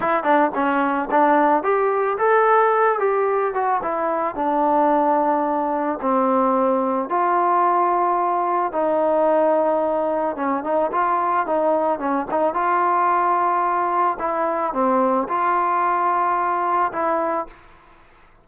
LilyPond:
\new Staff \with { instrumentName = "trombone" } { \time 4/4 \tempo 4 = 110 e'8 d'8 cis'4 d'4 g'4 | a'4. g'4 fis'8 e'4 | d'2. c'4~ | c'4 f'2. |
dis'2. cis'8 dis'8 | f'4 dis'4 cis'8 dis'8 f'4~ | f'2 e'4 c'4 | f'2. e'4 | }